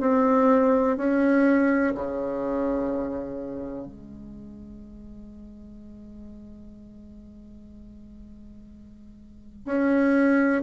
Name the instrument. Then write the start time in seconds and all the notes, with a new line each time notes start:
bassoon
0.00 C4
0.97 C#4
1.94 C#3
3.86 G#3
9.65 C#4